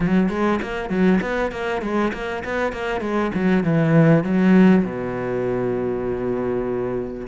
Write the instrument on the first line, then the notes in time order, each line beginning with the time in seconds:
cello
0.00 F#3
0.29 G#3
0.61 A#3
0.89 F#3
1.21 B3
1.51 A#3
1.81 G#3
2.13 A#3
2.44 B3
2.72 A#3
3.01 G#3
3.34 F#3
3.63 E3
4.23 F#3
4.84 B2